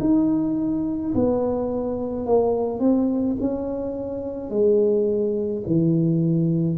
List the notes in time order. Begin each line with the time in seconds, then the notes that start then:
0.00 D#4
1.15 B3
2.26 A#3
2.80 C4
3.41 C#4
4.50 G#3
5.67 E3